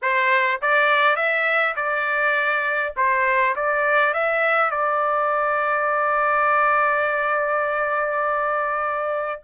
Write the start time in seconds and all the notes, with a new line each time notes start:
0.02 C5
0.61 D5
1.16 E5
1.76 D5
2.96 C5
3.55 D5
4.13 E5
4.71 D5